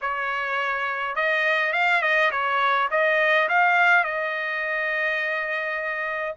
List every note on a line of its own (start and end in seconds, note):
0.01 1.15 C#5
1.15 1.73 D#5
1.73 2.01 F5
2.02 2.31 D#5
2.31 2.88 C#5
2.90 3.48 D#5
3.49 4.04 F5
4.04 6.34 D#5